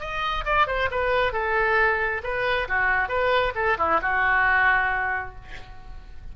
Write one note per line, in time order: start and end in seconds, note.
0.00 0.44 D#5
0.45 0.67 D5
0.67 0.89 C5
0.91 1.33 B4
1.33 2.22 A4
2.23 2.68 B4
2.68 3.09 F#4
3.09 3.53 B4
3.55 3.77 A4
3.78 4.00 E4
4.02 5.35 F#4